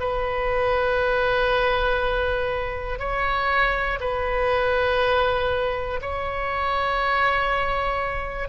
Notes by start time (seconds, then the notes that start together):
0.00 B4
3.00 C#5
4.00 B4
6.02 C#5